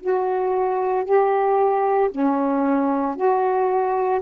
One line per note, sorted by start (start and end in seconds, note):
0.00 1.05 F#4
1.05 2.10 G4
2.11 3.16 C#4
3.16 4.21 F#4